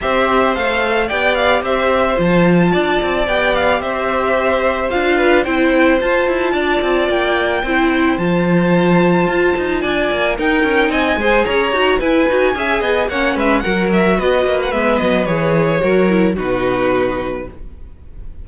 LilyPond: <<
  \new Staff \with { instrumentName = "violin" } { \time 4/4 \tempo 4 = 110 e''4 f''4 g''8 f''8 e''4 | a''2 g''8 f''8 e''4~ | e''4 f''4 g''4 a''4~ | a''4 g''2 a''4~ |
a''2 gis''4 g''4 | gis''4 ais''4 gis''2 | fis''8 e''8 fis''8 e''8 dis''8. fis''16 e''8 dis''8 | cis''2 b'2 | }
  \new Staff \with { instrumentName = "violin" } { \time 4/4 c''2 d''4 c''4~ | c''4 d''2 c''4~ | c''4. b'8 c''2 | d''2 c''2~ |
c''2 d''4 ais'4 | dis''8 c''8 cis''4 b'4 e''8 dis''8 | cis''8 b'8 ais'4 b'2~ | b'4 ais'4 fis'2 | }
  \new Staff \with { instrumentName = "viola" } { \time 4/4 g'4 a'4 g'2 | f'2 g'2~ | g'4 f'4 e'4 f'4~ | f'2 e'4 f'4~ |
f'2. dis'4~ | dis'8 gis'4 fis'8 e'8 fis'8 gis'4 | cis'4 fis'2 b4 | gis'4 fis'8 e'8 dis'2 | }
  \new Staff \with { instrumentName = "cello" } { \time 4/4 c'4 a4 b4 c'4 | f4 d'8 c'8 b4 c'4~ | c'4 d'4 c'4 f'8 e'8 | d'8 c'8 ais4 c'4 f4~ |
f4 f'8 dis'8 d'8 ais8 dis'8 cis'8 | c'8 gis8 cis'8 dis'8 e'8 dis'8 cis'8 b8 | ais8 gis8 fis4 b8 ais8 gis8 fis8 | e4 fis4 b,2 | }
>>